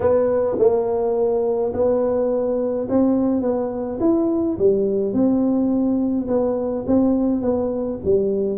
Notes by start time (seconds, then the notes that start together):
0.00 B3
0.58 A#3
1.73 B3
2.89 C4
3.41 B3
4.00 E4
4.58 G3
5.13 C4
6.27 B3
6.86 C4
7.41 B3
8.04 G3